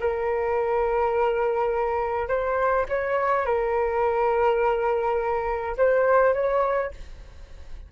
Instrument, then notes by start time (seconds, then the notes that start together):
flute
0.00 A#4
2.28 C5
2.89 C#5
3.46 A#4
5.77 C5
6.34 C#5